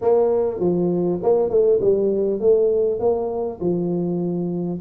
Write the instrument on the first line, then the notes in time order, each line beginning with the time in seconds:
tuba
0.01 A#3
0.59 F3
1.22 A#3
1.49 A3
1.80 G3
2.40 A3
2.99 A#3
3.60 F3